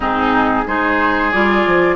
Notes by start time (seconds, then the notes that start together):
0.00 G#2 C4 D#4 G#4
0.66 G#3 D#4 G#4 C5
1.31 G3 F4 D5
1.66 F3